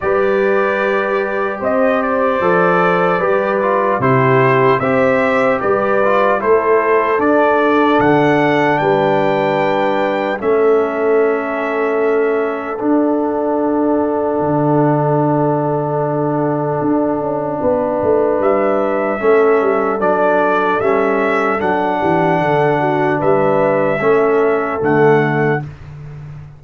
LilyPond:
<<
  \new Staff \with { instrumentName = "trumpet" } { \time 4/4 \tempo 4 = 75 d''2 dis''8 d''4.~ | d''4 c''4 e''4 d''4 | c''4 d''4 fis''4 g''4~ | g''4 e''2. |
fis''1~ | fis''2. e''4~ | e''4 d''4 e''4 fis''4~ | fis''4 e''2 fis''4 | }
  \new Staff \with { instrumentName = "horn" } { \time 4/4 b'2 c''2 | b'4 g'4 c''4 b'4 | a'2. b'4~ | b'4 a'2.~ |
a'1~ | a'2 b'2 | a'2.~ a'8 g'8 | a'8 fis'8 b'4 a'2 | }
  \new Staff \with { instrumentName = "trombone" } { \time 4/4 g'2. a'4 | g'8 f'8 e'4 g'4. f'8 | e'4 d'2.~ | d'4 cis'2. |
d'1~ | d'1 | cis'4 d'4 cis'4 d'4~ | d'2 cis'4 a4 | }
  \new Staff \with { instrumentName = "tuba" } { \time 4/4 g2 c'4 f4 | g4 c4 c'4 g4 | a4 d'4 d4 g4~ | g4 a2. |
d'2 d2~ | d4 d'8 cis'8 b8 a8 g4 | a8 g8 fis4 g4 fis8 e8 | d4 g4 a4 d4 | }
>>